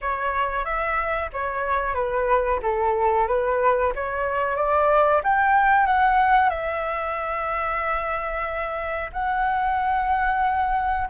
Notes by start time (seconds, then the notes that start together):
0.01 C#5
0.64 E5
1.32 C#5
1.94 B4
2.62 A4
3.27 B4
3.95 C#5
4.56 D5
5.23 G5
5.86 F#5
6.49 E5
9.12 F#5